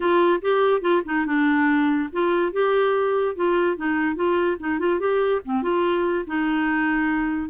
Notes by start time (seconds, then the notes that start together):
0.00 F4
0.41 G4
0.81 F4
1.05 D#4
1.26 D4
2.12 F4
2.52 G4
3.35 F4
3.76 D#4
4.15 F4
4.59 D#4
4.79 F4
4.99 G4
5.45 C4
5.62 F4
6.26 D#4